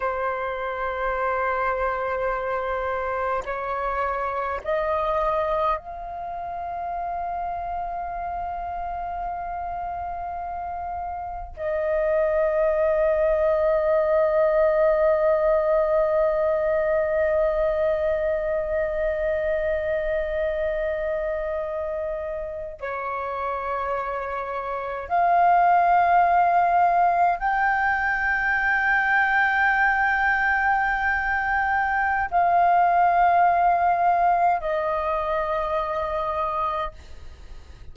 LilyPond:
\new Staff \with { instrumentName = "flute" } { \time 4/4 \tempo 4 = 52 c''2. cis''4 | dis''4 f''2.~ | f''2 dis''2~ | dis''1~ |
dis''2.~ dis''8. cis''16~ | cis''4.~ cis''16 f''2 g''16~ | g''1 | f''2 dis''2 | }